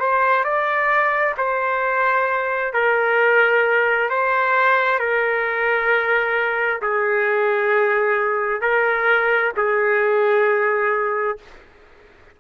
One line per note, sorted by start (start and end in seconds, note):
0.00 0.44 C5
0.44 1.35 D5
1.38 2.74 C5
2.74 4.10 A#4
4.10 4.99 C5
4.99 6.81 A#4
6.82 8.62 G#4
8.62 9.52 A#4
9.57 11.39 G#4